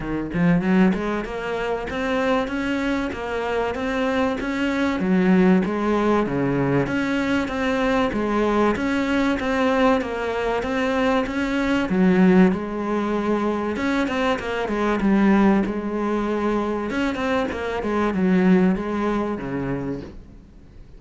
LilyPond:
\new Staff \with { instrumentName = "cello" } { \time 4/4 \tempo 4 = 96 dis8 f8 fis8 gis8 ais4 c'4 | cis'4 ais4 c'4 cis'4 | fis4 gis4 cis4 cis'4 | c'4 gis4 cis'4 c'4 |
ais4 c'4 cis'4 fis4 | gis2 cis'8 c'8 ais8 gis8 | g4 gis2 cis'8 c'8 | ais8 gis8 fis4 gis4 cis4 | }